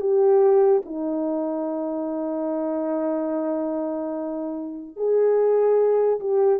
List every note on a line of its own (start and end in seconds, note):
0.00 0.82 G4
0.85 4.96 D#4
4.96 6.19 G#4
6.20 6.59 G4